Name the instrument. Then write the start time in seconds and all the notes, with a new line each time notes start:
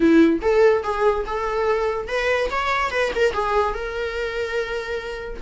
viola
0.00 E4
0.41 A4
0.83 G#4
1.26 A4
2.08 B4
2.50 C#5
2.91 B4
3.15 A#4
3.32 G#4
3.73 A#4